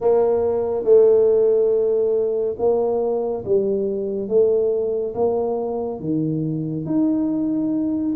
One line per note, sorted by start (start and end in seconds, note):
0.00 0.84 A#3
0.84 2.55 A3
2.58 3.44 A#3
3.45 4.28 G3
4.28 5.14 A3
5.14 6.00 A#3
6.00 6.85 D#3
6.85 8.14 D#4